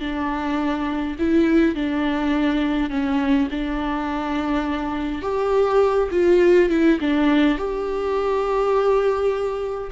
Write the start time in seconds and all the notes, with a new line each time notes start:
0.00 D4
1.19 E4
1.75 D4
2.90 C#4
3.51 D4
5.22 G4
6.11 F4
6.70 E4
7.00 D4
7.58 G4